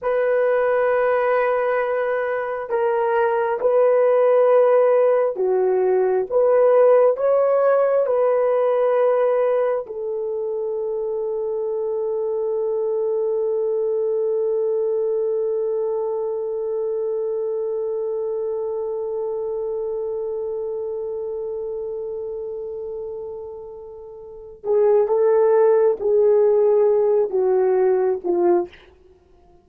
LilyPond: \new Staff \with { instrumentName = "horn" } { \time 4/4 \tempo 4 = 67 b'2. ais'4 | b'2 fis'4 b'4 | cis''4 b'2 a'4~ | a'1~ |
a'1~ | a'1~ | a'2.~ a'8 gis'8 | a'4 gis'4. fis'4 f'8 | }